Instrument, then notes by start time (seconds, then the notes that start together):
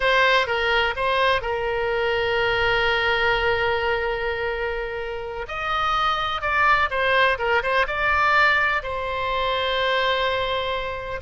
oboe
0.00 C5
0.47 A#4
0.95 C5
1.41 A#4
5.48 D#5
6.41 D5
6.90 C5
7.38 A#4
7.62 C5
7.87 D5
8.82 C5